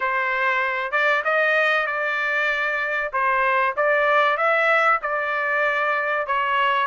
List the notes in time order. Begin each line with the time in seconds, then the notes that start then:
0.00 C5
0.91 D5
1.24 D#5
1.86 D5
3.12 C5
3.76 D5
4.37 E5
5.02 D5
6.26 C#5